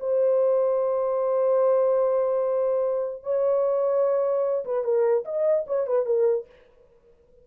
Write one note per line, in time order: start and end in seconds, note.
0.00 3.23 C5
3.23 4.65 C#5
4.65 4.84 B4
4.84 5.24 A#4
5.25 5.65 D#5
5.67 5.87 C#5
5.87 6.06 B4
6.06 6.46 A#4